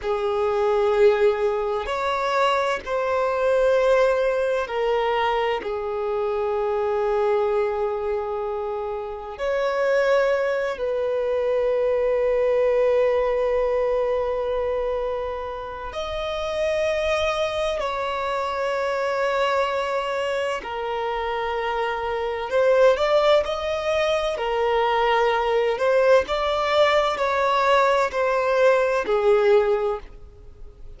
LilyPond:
\new Staff \with { instrumentName = "violin" } { \time 4/4 \tempo 4 = 64 gis'2 cis''4 c''4~ | c''4 ais'4 gis'2~ | gis'2 cis''4. b'8~ | b'1~ |
b'4 dis''2 cis''4~ | cis''2 ais'2 | c''8 d''8 dis''4 ais'4. c''8 | d''4 cis''4 c''4 gis'4 | }